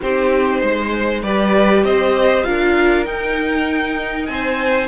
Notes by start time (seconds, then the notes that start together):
0.01 C4 D#4 G4 C5
0.61 G#3 C5
1.22 G3 G4 B4 D5
1.84 C4 C5 D#5
2.43 D4 F4 A#4 F5
3.05 D#4 G5
4.26 C4 C5 G#5